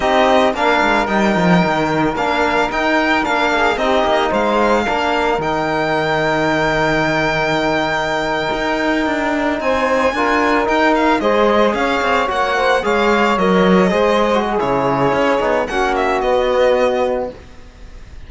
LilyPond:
<<
  \new Staff \with { instrumentName = "violin" } { \time 4/4 \tempo 4 = 111 dis''4 f''4 g''2 | f''4 g''4 f''4 dis''4 | f''2 g''2~ | g''1~ |
g''4.~ g''16 gis''2 g''16~ | g''16 f''8 dis''4 f''4 fis''4 f''16~ | f''8. dis''2~ dis''16 cis''4~ | cis''4 fis''8 e''8 dis''2 | }
  \new Staff \with { instrumentName = "saxophone" } { \time 4/4 g'4 ais'2.~ | ais'2~ ais'8 gis'8 g'4 | c''4 ais'2.~ | ais'1~ |
ais'4.~ ais'16 c''4 ais'4~ ais'16~ | ais'8. c''4 cis''4. c''8 cis''16~ | cis''4.~ cis''16 c''4 gis'4~ gis'16~ | gis'4 fis'2. | }
  \new Staff \with { instrumentName = "trombone" } { \time 4/4 dis'4 d'4 dis'2 | d'4 dis'4 d'4 dis'4~ | dis'4 d'4 dis'2~ | dis'1~ |
dis'2~ dis'8. f'4 dis'16~ | dis'8. gis'2 fis'4 gis'16~ | gis'8. ais'4 gis'8. fis'8 e'4~ | e'8 dis'8 cis'4 b2 | }
  \new Staff \with { instrumentName = "cello" } { \time 4/4 c'4 ais8 gis8 g8 f8 dis4 | ais4 dis'4 ais4 c'8 ais8 | gis4 ais4 dis2~ | dis2.~ dis8. dis'16~ |
dis'8. d'4 c'4 d'4 dis'16~ | dis'8. gis4 cis'8 c'8 ais4 gis16~ | gis8. fis4 gis4~ gis16 cis4 | cis'8 b8 ais4 b2 | }
>>